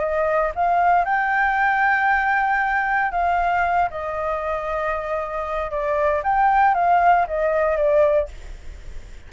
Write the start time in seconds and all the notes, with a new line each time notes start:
0.00 D#5
0.55 F5
1.05 G5
3.12 F5
3.91 D#5
5.71 D5
6.24 G5
6.75 F5
7.28 D#5
7.77 D5